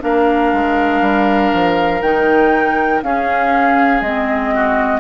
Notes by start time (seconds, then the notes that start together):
0.00 A#3 D4 A#4 F5
0.53 G#3
1.01 G3
1.54 F3
2.01 D#3 D#4 G5
3.02 C#4 G#4 F5
4.01 G#3 C4 D#5
4.54 F#4